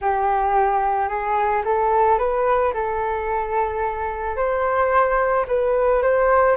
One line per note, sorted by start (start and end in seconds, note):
0.01 1.08 G4
1.08 1.62 G#4
1.64 2.18 A4
2.18 2.73 B4
2.73 4.36 A4
4.36 5.45 C5
5.47 6.02 B4
6.02 6.56 C5